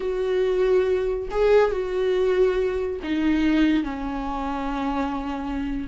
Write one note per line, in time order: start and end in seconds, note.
0.00 1.28 F#4
1.30 1.71 G#4
1.71 3.00 F#4
3.03 3.83 D#4
3.83 5.87 C#4